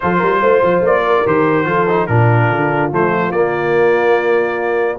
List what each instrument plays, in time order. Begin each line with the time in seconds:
0.00 tuba F3, trombone F4, horn A4, trumpet C5
0.17 tuba G3, horn A#4
0.40 tuba A3, horn C5
0.62 tuba F3
0.81 tuba A#3, trumpet D5
1.06 horn A#4
1.26 tuba D#3, trombone G4, trumpet C5
1.65 tuba F3, trombone F4, horn A4
1.88 trombone D#4
2.07 tuba A#2, trombone D4, horn F4, trumpet A#4
2.50 tuba D3
2.91 tuba F3, trombone A3, trumpet C5
3.31 tuba A#3, trombone A#3, trumpet D5